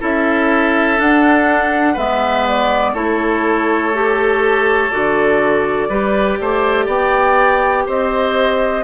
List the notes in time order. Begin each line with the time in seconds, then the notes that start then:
0.00 C#4 E4 A4 E5
0.97 D4 F#5
1.93 G#3 B3 B4 E5
2.48 D5
2.93 A3 E4 A4 C#5
3.94 G4
4.91 D3 F#4 D5
5.89 G3 G4 B4
6.40 A3 C5
6.85 B3 D5 G5
7.86 C4 C5 D#5